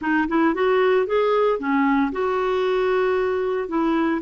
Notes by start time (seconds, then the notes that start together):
0.01 D#4
0.28 E4
0.54 F#4
1.06 G#4
1.59 C#4
2.12 F#4
3.68 E4